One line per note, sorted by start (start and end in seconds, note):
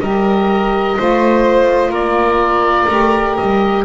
0.00 0.98 G3
0.00 0.97 G4
0.00 0.98 A#4
0.00 1.94 D#5
0.97 1.90 A3
0.97 2.89 F4
0.97 1.91 C5
1.90 2.86 A#3
1.90 3.84 A#4
1.90 3.36 D5
2.88 3.36 A3
2.88 3.85 G4
3.36 3.85 G3
3.36 3.85 D#5